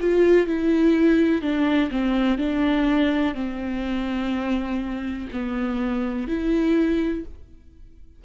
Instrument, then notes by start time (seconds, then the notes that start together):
viola
0.00 F4
0.46 E4
1.41 D4
1.90 C4
2.38 D4
3.34 C4
5.32 B3
6.27 E4